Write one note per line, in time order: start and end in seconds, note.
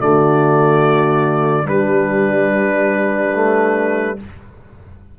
0.00 1.67 D3
0.00 1.64 A3
0.00 1.67 F#4
0.00 1.68 D5
1.64 3.31 G3
1.64 4.19 G3
1.64 4.18 D4
1.64 4.18 B4
3.34 4.18 A3